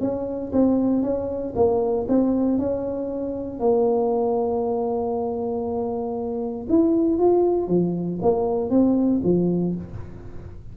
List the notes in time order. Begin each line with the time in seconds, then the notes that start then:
0.00 C#4
0.52 C4
1.02 C#4
1.55 A#3
2.08 C4
2.58 C#4
3.59 A#3
6.69 E4
7.18 F4
7.68 F3
8.22 A#3
8.70 C4
9.24 F3